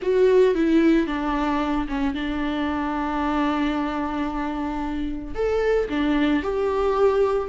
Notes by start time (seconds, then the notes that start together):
0.02 F#4
0.54 E4
1.07 D4
1.88 C#4
2.14 D4
5.34 A4
5.89 D4
6.42 G4